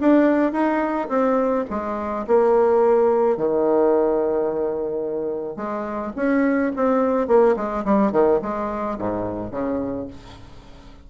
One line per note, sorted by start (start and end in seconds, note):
0.00 0.52 D4
0.52 1.08 D#4
1.09 1.65 C4
1.70 2.26 G#3
2.27 3.37 A#3
3.37 5.56 D#3
5.56 6.12 G#3
6.16 6.72 C#4
6.76 7.27 C4
7.27 7.55 A#3
7.56 7.84 G#3
7.85 8.12 G3
8.12 8.40 D#3
8.42 8.98 G#3
8.98 9.51 G#2
9.51 10.07 C#3